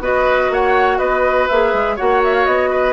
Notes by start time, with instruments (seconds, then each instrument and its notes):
0.00 bassoon B3, clarinet F#4, oboe B4, flute D#5
0.49 bassoon A#3, oboe C#5, flute F#5
0.98 bassoon B3, oboe B4, flute D#5
1.48 bassoon A#3, clarinet G#4, flute E5
1.73 bassoon G#3
1.96 bassoon A#3, clarinet F#4, oboe C#5, flute F#5
2.23 flute E5
2.34 flute F5
2.45 bassoon B3, flute D#5
2.70 oboe B4